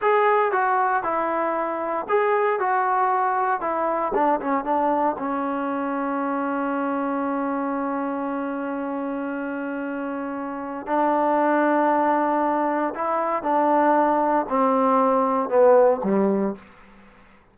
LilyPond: \new Staff \with { instrumentName = "trombone" } { \time 4/4 \tempo 4 = 116 gis'4 fis'4 e'2 | gis'4 fis'2 e'4 | d'8 cis'8 d'4 cis'2~ | cis'1~ |
cis'1~ | cis'4 d'2.~ | d'4 e'4 d'2 | c'2 b4 g4 | }